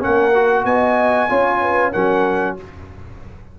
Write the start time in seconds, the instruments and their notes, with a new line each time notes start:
0.00 tuba A#3, trombone C#4, horn A#4, trumpet F#5
0.35 trombone F#4
0.65 tuba B3, horn D#5, trumpet G#5
1.30 tuba C#4, trombone F4, horn C#5
1.62 horn B4
1.93 tuba F#3, trombone C#4, horn A#4, trumpet F#5